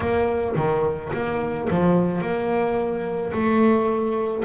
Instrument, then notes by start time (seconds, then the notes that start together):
double bass
0.00 A#3
0.55 D#3
1.13 A#3
1.69 F3
2.21 A#3
3.32 A3